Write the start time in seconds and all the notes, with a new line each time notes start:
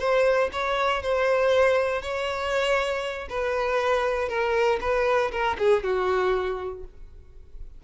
0.00 C5
0.53 C#5
1.03 C5
2.02 C#5
3.30 B4
4.29 A#4
4.81 B4
5.32 A#4
5.59 G#4
5.84 F#4